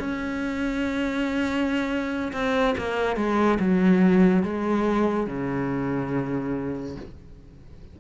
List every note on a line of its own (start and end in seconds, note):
0.00 2.32 C#4
2.33 2.75 C4
2.78 3.17 A#3
3.17 3.59 G#3
3.60 4.44 F#3
4.44 5.27 G#3
5.27 6.96 C#3